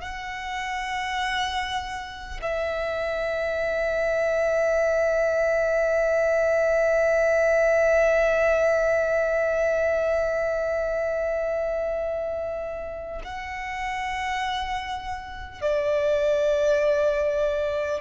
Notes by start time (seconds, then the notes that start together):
0.00 F#5
2.41 E5
13.24 F#5
15.61 D5